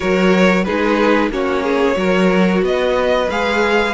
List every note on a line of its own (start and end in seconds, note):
0.00 0.67 F#3
0.00 0.65 F#4
0.00 0.65 A#4
0.00 0.63 C#5
0.63 1.29 G#3
0.63 1.31 D#4
0.63 1.31 G#4
0.63 1.29 B4
1.29 1.95 A#3
1.29 1.95 C#4
1.29 1.63 F#4
1.29 2.64 C#5
1.63 1.96 G#4
1.95 2.62 F#3
1.95 3.26 F#4
1.95 2.64 A#4
2.62 3.27 B3
2.62 3.30 D#5
2.68 3.93 B4
3.30 3.93 G#3
3.30 3.93 G#4
3.30 3.93 F5